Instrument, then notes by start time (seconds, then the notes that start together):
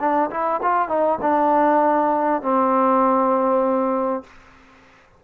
trombone
0.00 D4
0.31 E4
0.63 F4
0.89 D#4
1.21 D4
2.42 C4